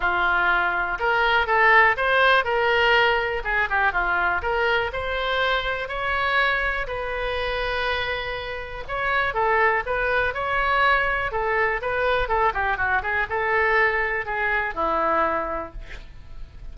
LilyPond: \new Staff \with { instrumentName = "oboe" } { \time 4/4 \tempo 4 = 122 f'2 ais'4 a'4 | c''4 ais'2 gis'8 g'8 | f'4 ais'4 c''2 | cis''2 b'2~ |
b'2 cis''4 a'4 | b'4 cis''2 a'4 | b'4 a'8 g'8 fis'8 gis'8 a'4~ | a'4 gis'4 e'2 | }